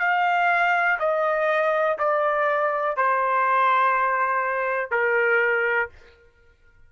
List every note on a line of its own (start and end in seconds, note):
0.00 0.98 F5
1.00 1.98 D#5
1.99 2.97 D5
2.97 4.91 C5
4.91 5.90 A#4